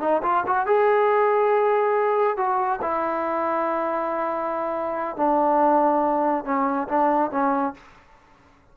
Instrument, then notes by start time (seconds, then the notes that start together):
trombone
0.00 D#4
0.22 F4
0.47 F#4
0.66 G#4
2.37 F#4
2.81 E4
5.16 D4
6.45 C#4
6.88 D4
7.31 C#4